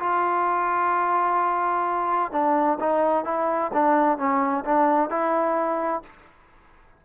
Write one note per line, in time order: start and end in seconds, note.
0.00 2.32 F4
2.32 2.79 D4
2.80 3.25 D#4
3.25 3.72 E4
3.74 4.18 D4
4.18 4.65 C#4
4.65 5.10 D4
5.10 6.03 E4